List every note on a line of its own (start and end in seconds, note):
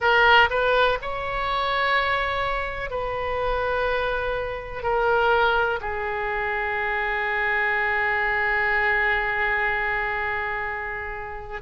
0.00 0.49 A#4
0.50 0.98 B4
1.01 2.90 C#5
2.90 4.83 B4
4.83 5.79 A#4
5.80 11.61 G#4